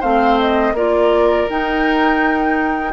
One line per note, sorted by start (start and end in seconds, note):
0.00 0.73 A3
0.00 0.75 C4
0.00 0.73 C5
0.00 0.39 F5
0.39 0.76 D#5
0.73 1.46 A#3
0.73 1.49 F4
0.73 2.93 A#4
0.73 1.50 D5
1.49 2.93 D#4
1.49 2.93 G5